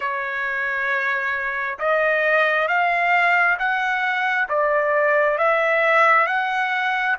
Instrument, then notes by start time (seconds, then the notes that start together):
trumpet
0.00 C#5
1.79 D#5
2.67 F5
3.58 F#5
4.48 D5
5.38 E5
6.26 F#5